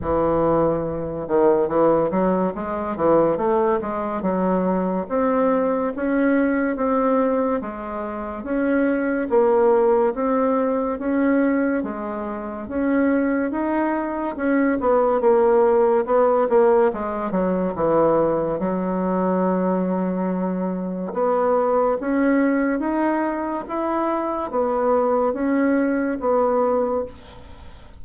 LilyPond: \new Staff \with { instrumentName = "bassoon" } { \time 4/4 \tempo 4 = 71 e4. dis8 e8 fis8 gis8 e8 | a8 gis8 fis4 c'4 cis'4 | c'4 gis4 cis'4 ais4 | c'4 cis'4 gis4 cis'4 |
dis'4 cis'8 b8 ais4 b8 ais8 | gis8 fis8 e4 fis2~ | fis4 b4 cis'4 dis'4 | e'4 b4 cis'4 b4 | }